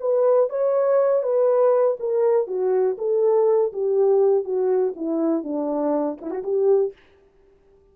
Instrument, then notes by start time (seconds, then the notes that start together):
horn
0.00 B4
0.50 C#5
1.23 B4
1.99 A#4
2.47 F#4
2.98 A4
3.73 G4
4.44 F#4
4.96 E4
5.43 D4
6.21 E4
6.30 F#4
6.43 G4